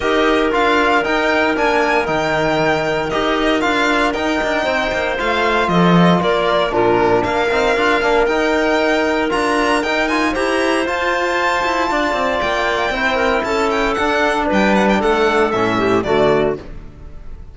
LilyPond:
<<
  \new Staff \with { instrumentName = "violin" } { \time 4/4 \tempo 4 = 116 dis''4 f''4 g''4 gis''4 | g''2 dis''4 f''4 | g''2 f''4 dis''4 | d''4 ais'4 f''2 |
g''2 ais''4 g''8 gis''8 | ais''4 a''2. | g''2 a''8 g''8 fis''4 | g''8 fis''16 g''16 fis''4 e''4 d''4 | }
  \new Staff \with { instrumentName = "clarinet" } { \time 4/4 ais'1~ | ais'1~ | ais'4 c''2 a'4 | ais'4 f'4 ais'2~ |
ais'1 | c''2. d''4~ | d''4 c''8 ais'8 a'2 | b'4 a'4. g'8 fis'4 | }
  \new Staff \with { instrumentName = "trombone" } { \time 4/4 g'4 f'4 dis'4 d'4 | dis'2 g'4 f'4 | dis'2 f'2~ | f'4 d'4. dis'8 f'8 d'8 |
dis'2 f'4 dis'8 f'8 | g'4 f'2.~ | f'4 e'2 d'4~ | d'2 cis'4 a4 | }
  \new Staff \with { instrumentName = "cello" } { \time 4/4 dis'4 d'4 dis'4 ais4 | dis2 dis'4 d'4 | dis'8 d'8 c'8 ais8 a4 f4 | ais4 ais,4 ais8 c'8 d'8 ais8 |
dis'2 d'4 dis'4 | e'4 f'4. e'8 d'8 c'8 | ais4 c'4 cis'4 d'4 | g4 a4 a,4 d4 | }
>>